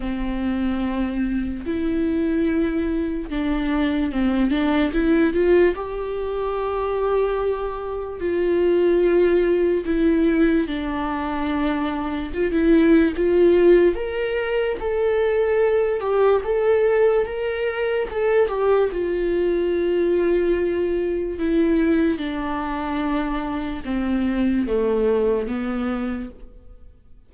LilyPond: \new Staff \with { instrumentName = "viola" } { \time 4/4 \tempo 4 = 73 c'2 e'2 | d'4 c'8 d'8 e'8 f'8 g'4~ | g'2 f'2 | e'4 d'2 f'16 e'8. |
f'4 ais'4 a'4. g'8 | a'4 ais'4 a'8 g'8 f'4~ | f'2 e'4 d'4~ | d'4 c'4 a4 b4 | }